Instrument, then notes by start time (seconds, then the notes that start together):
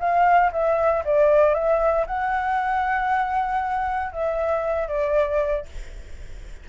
flute
0.00 F5
0.52 E5
1.05 D5
1.54 E5
2.07 F#5
4.13 E5
4.88 D5